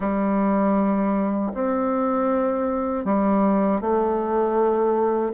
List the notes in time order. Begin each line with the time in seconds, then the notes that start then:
0.00 G3
1.54 C4
3.04 G3
3.80 A3